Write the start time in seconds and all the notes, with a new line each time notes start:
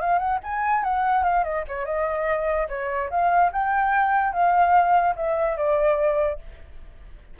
0.00 F5
0.18 F#5
0.43 G#5
0.83 F#5
1.23 F5
1.43 D#5
1.68 C#5
1.85 D#5
2.69 C#5
3.10 F5
3.52 G5
4.33 F5
5.16 E5
5.57 D5